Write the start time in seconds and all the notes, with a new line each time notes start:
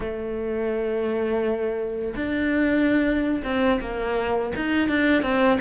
0.00 A3
2.16 D4
3.43 C4
3.80 A#3
4.55 D#4
4.88 D4
5.22 C4